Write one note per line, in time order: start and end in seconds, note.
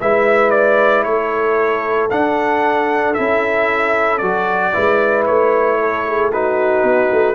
0.00 1.04 G#3
0.00 2.10 E4
0.00 1.05 B4
0.00 0.50 E5
0.50 1.03 D5
1.03 2.10 A3
1.03 4.73 A4
1.03 2.09 C#5
2.09 3.15 D4
2.09 3.14 F#5
3.14 4.21 C#4
3.14 4.20 E4
3.14 4.18 E5
4.18 4.74 F#3
4.18 4.73 F#4
4.18 5.23 D5
4.73 5.28 G#3
4.73 6.31 E4
4.73 5.78 B4
5.25 6.83 A3
5.25 6.31 C#5
5.79 6.05 A4
6.06 6.31 G#4
6.31 7.34 D#4
6.31 7.34 F#4
6.31 7.34 B4
6.83 7.09 B3
7.11 7.34 A3